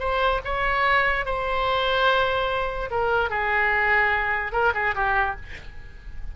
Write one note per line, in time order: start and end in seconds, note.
0.00 0.41 C5
0.45 1.26 C#5
1.26 2.90 C5
2.91 3.30 A#4
3.30 4.53 G#4
4.53 4.73 A#4
4.75 4.95 G#4
4.95 5.36 G4